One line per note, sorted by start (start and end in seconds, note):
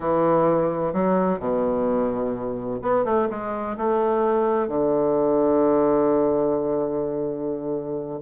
0.00 0.93 E3
0.93 1.39 F#3
1.39 2.79 B2
2.81 3.05 B3
3.05 3.28 A3
3.29 3.76 G#3
3.77 4.68 A3
4.68 8.19 D3